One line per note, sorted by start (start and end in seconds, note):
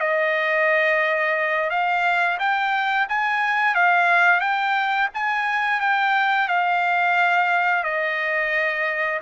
0.00 1.70 D#5
1.70 2.38 F5
2.39 3.07 G5
3.09 3.75 G#5
3.75 4.40 F5
4.40 5.09 G5
5.14 5.80 G#5
5.80 6.48 G5
6.48 7.83 F5
7.83 9.20 D#5